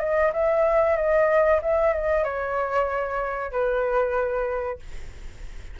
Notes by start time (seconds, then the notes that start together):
0.00 D#5
0.33 E5
0.97 D#5
1.62 E5
1.94 D#5
2.24 C#5
3.52 B4